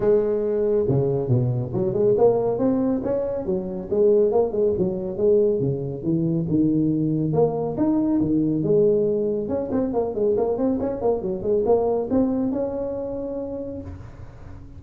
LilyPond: \new Staff \with { instrumentName = "tuba" } { \time 4/4 \tempo 4 = 139 gis2 cis4 b,4 | fis8 gis8 ais4 c'4 cis'4 | fis4 gis4 ais8 gis8 fis4 | gis4 cis4 e4 dis4~ |
dis4 ais4 dis'4 dis4 | gis2 cis'8 c'8 ais8 gis8 | ais8 c'8 cis'8 ais8 fis8 gis8 ais4 | c'4 cis'2. | }